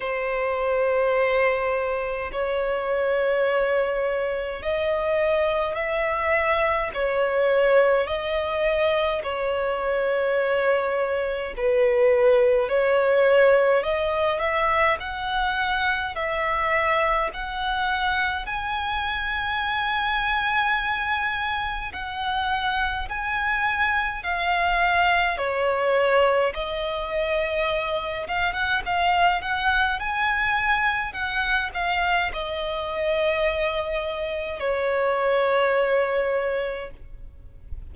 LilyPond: \new Staff \with { instrumentName = "violin" } { \time 4/4 \tempo 4 = 52 c''2 cis''2 | dis''4 e''4 cis''4 dis''4 | cis''2 b'4 cis''4 | dis''8 e''8 fis''4 e''4 fis''4 |
gis''2. fis''4 | gis''4 f''4 cis''4 dis''4~ | dis''8 f''16 fis''16 f''8 fis''8 gis''4 fis''8 f''8 | dis''2 cis''2 | }